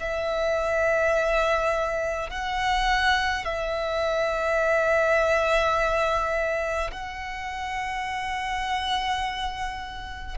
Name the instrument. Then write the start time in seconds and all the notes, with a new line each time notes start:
violin
0.00 E5
2.30 F#5
3.45 E5
6.91 F#5